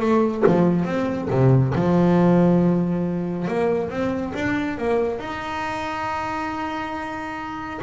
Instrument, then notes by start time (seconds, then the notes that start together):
double bass
0.00 A3
0.47 F3
0.85 C4
1.30 C3
1.75 F3
3.48 A#3
3.90 C4
4.34 D4
4.78 A#3
5.19 D#4